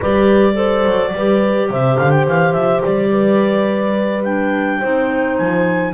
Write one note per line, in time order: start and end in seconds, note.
0.00 0.85 G3
0.00 0.53 G4
0.00 0.54 B4
0.00 1.71 D5
0.53 1.10 A4
0.53 1.12 C5
0.85 1.13 F#3
1.13 1.69 G3
1.13 4.25 G4
1.13 1.69 B4
1.69 1.98 C3
1.69 3.11 C5
1.69 1.97 E5
1.97 2.27 D3
1.97 2.10 F5
2.10 2.24 G5
2.27 2.54 E3
2.27 2.53 F5
2.53 2.82 F3
2.53 2.81 E5
2.82 4.82 G3
2.82 4.23 D5
3.11 4.79 B4
4.23 4.82 D4
4.23 5.37 G5
4.79 5.39 C4
4.79 5.93 D#4
4.79 5.93 C5
5.37 5.93 F3
5.37 5.93 G#5